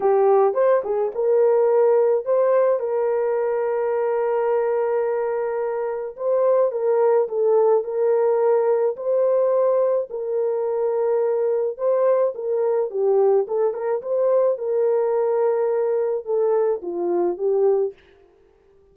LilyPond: \new Staff \with { instrumentName = "horn" } { \time 4/4 \tempo 4 = 107 g'4 c''8 gis'8 ais'2 | c''4 ais'2.~ | ais'2. c''4 | ais'4 a'4 ais'2 |
c''2 ais'2~ | ais'4 c''4 ais'4 g'4 | a'8 ais'8 c''4 ais'2~ | ais'4 a'4 f'4 g'4 | }